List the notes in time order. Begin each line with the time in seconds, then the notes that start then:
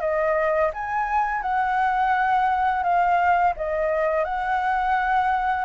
0.00 D#5
0.73 G#5
1.41 F#5
2.83 F5
3.56 D#5
4.24 F#5